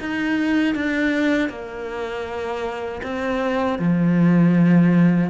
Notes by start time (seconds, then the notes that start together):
0.00 D#4
0.76 D4
1.50 A#3
3.03 C4
3.79 F3